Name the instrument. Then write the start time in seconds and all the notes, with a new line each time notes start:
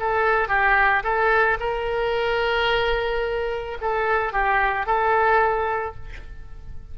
oboe
0.00 A4
0.49 G4
1.04 A4
1.60 A#4
3.81 A4
4.33 G4
4.86 A4